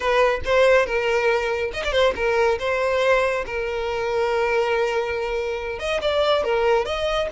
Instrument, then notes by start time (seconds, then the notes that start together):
violin
0.00 B4
0.44 C5
0.86 A#4
1.73 D#5
1.84 D5
1.92 C5
2.15 A#4
2.59 C5
3.46 A#4
5.79 D#5
6.01 D5
6.44 A#4
6.85 D#5